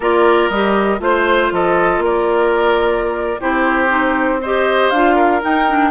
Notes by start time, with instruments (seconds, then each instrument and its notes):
0.00 bassoon A#3, clarinet F4, oboe A#4, flute D5
0.49 bassoon G3, clarinet G4, flute D#5
0.99 bassoon A3, clarinet F4, flute C5, oboe C5
1.51 bassoon F3, oboe A4, flute D#5
1.97 bassoon A#3
2.04 oboe A#4, flute D5
3.40 bassoon C4, clarinet E4, oboe G4, flute C5
3.88 clarinet D#4
4.41 clarinet G4, oboe C5, flute D#5
4.90 bassoon D4, clarinet F4, flute F5
5.15 oboe A#4
5.41 clarinet D#4, bassoon D#4, flute G5
5.67 clarinet D4